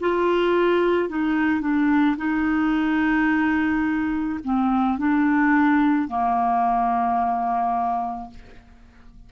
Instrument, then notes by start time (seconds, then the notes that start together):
clarinet
0.00 F4
1.09 D#4
1.61 D4
2.17 D#4
4.44 C4
4.98 D4
6.08 A#3